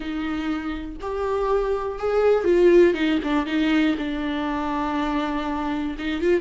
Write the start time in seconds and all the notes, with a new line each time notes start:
0.00 D#4
1.01 G4
1.99 G#4
2.44 F4
2.94 D#4
3.23 D4
3.46 D#4
3.98 D4
5.98 D#4
6.21 F4